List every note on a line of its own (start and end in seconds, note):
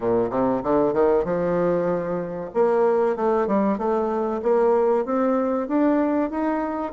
0.00 0.30 A#2
0.30 0.62 C3
0.63 0.93 D3
0.93 1.24 D#3
1.24 2.50 F3
2.53 3.16 A#3
3.16 3.47 A3
3.47 3.78 G3
3.78 4.41 A3
4.42 5.05 A#3
5.05 5.68 C4
5.68 6.30 D4
6.30 6.92 D#4